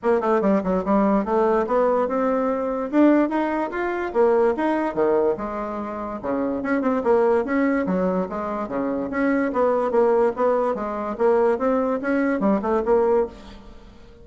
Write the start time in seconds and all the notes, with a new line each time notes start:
0.02 A#3
0.21 A3
0.41 G3
0.63 F#3
0.84 G3
1.24 A3
1.67 B3
2.07 C4
2.91 D4
3.29 D#4
3.71 F4
4.13 A#3
4.56 D#4
4.94 D#3
5.37 G#3
6.22 C#3
6.63 C#4
6.81 C4
7.03 A#3
7.44 C#4
7.86 F#3
8.29 G#3
8.68 C#3
9.10 C#4
9.52 B3
9.91 A#3
10.36 B3
10.74 G#3
11.17 A#3
11.58 C4
12.01 C#4
12.40 G3
12.62 A3
12.85 A#3